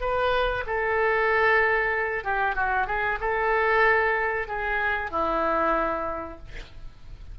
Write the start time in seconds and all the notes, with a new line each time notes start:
0.00 B4
0.66 A4
2.24 G4
2.55 F#4
2.86 G#4
3.20 A4
4.47 G#4
5.10 E4